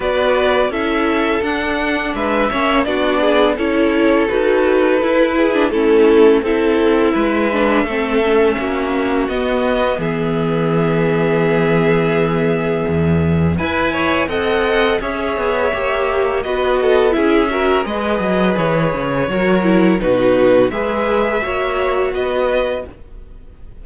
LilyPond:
<<
  \new Staff \with { instrumentName = "violin" } { \time 4/4 \tempo 4 = 84 d''4 e''4 fis''4 e''4 | d''4 cis''4 b'2 | a'4 e''2.~ | e''4 dis''4 e''2~ |
e''2. gis''4 | fis''4 e''2 dis''4 | e''4 dis''4 cis''2 | b'4 e''2 dis''4 | }
  \new Staff \with { instrumentName = "violin" } { \time 4/4 b'4 a'2 b'8 cis''8 | fis'8 gis'8 a'2~ a'8 gis'8 | e'4 a'4 b'4 a'4 | fis'2 gis'2~ |
gis'2. b'8 cis''8 | dis''4 cis''2 b'8 a'8 | gis'8 ais'8 b'2 ais'4 | fis'4 b'4 cis''4 b'4 | }
  \new Staff \with { instrumentName = "viola" } { \time 4/4 fis'4 e'4 d'4. cis'8 | d'4 e'4 fis'4 e'8. d'16 | cis'4 e'4. d'8 c'8 cis'8~ | cis'4 b2.~ |
b2. b'4 | a'4 gis'4 g'4 fis'4 | e'8 fis'8 gis'2 fis'8 e'8 | dis'4 gis'4 fis'2 | }
  \new Staff \with { instrumentName = "cello" } { \time 4/4 b4 cis'4 d'4 gis8 ais8 | b4 cis'4 dis'4 e'4 | a4 c'4 gis4 a4 | ais4 b4 e2~ |
e2 e,4 e'4 | c'4 cis'8 b8 ais4 b4 | cis'4 gis8 fis8 e8 cis8 fis4 | b,4 gis4 ais4 b4 | }
>>